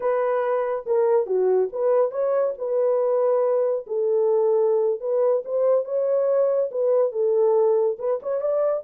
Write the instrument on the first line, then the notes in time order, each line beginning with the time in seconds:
horn
0.00 B4
0.86 A#4
1.26 F#4
1.72 B4
2.11 C#5
2.58 B4
3.86 A4
5.00 B4
5.44 C5
5.84 C#5
6.71 B4
7.12 A4
7.99 B4
8.22 C#5
8.40 D5